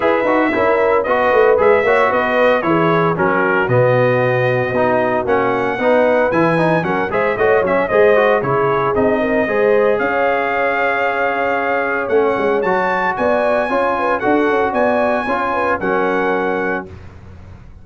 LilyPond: <<
  \new Staff \with { instrumentName = "trumpet" } { \time 4/4 \tempo 4 = 114 e''2 dis''4 e''4 | dis''4 cis''4 ais'4 dis''4~ | dis''2 fis''2 | gis''4 fis''8 e''8 dis''8 e''8 dis''4 |
cis''4 dis''2 f''4~ | f''2. fis''4 | a''4 gis''2 fis''4 | gis''2 fis''2 | }
  \new Staff \with { instrumentName = "horn" } { \time 4/4 b'4 ais'4 b'4. cis''8 | b'4 gis'4 fis'2~ | fis'2. b'4~ | b'4 ais'8 c''8 cis''4 c''4 |
gis'4. ais'8 c''4 cis''4~ | cis''1~ | cis''4 d''4 cis''8 b'8 a'4 | d''4 cis''8 b'8 ais'2 | }
  \new Staff \with { instrumentName = "trombone" } { \time 4/4 gis'8 fis'8 e'4 fis'4 gis'8 fis'8~ | fis'4 e'4 cis'4 b4~ | b4 dis'4 cis'4 dis'4 | e'8 dis'8 cis'8 gis'8 fis'8 cis'8 gis'8 fis'8 |
e'4 dis'4 gis'2~ | gis'2. cis'4 | fis'2 f'4 fis'4~ | fis'4 f'4 cis'2 | }
  \new Staff \with { instrumentName = "tuba" } { \time 4/4 e'8 dis'8 cis'4 b8 a8 gis8 ais8 | b4 e4 fis4 b,4~ | b,4 b4 ais4 b4 | e4 fis8 gis8 a8 fis8 gis4 |
cis4 c'4 gis4 cis'4~ | cis'2. a8 gis8 | fis4 b4 cis'4 d'8 cis'8 | b4 cis'4 fis2 | }
>>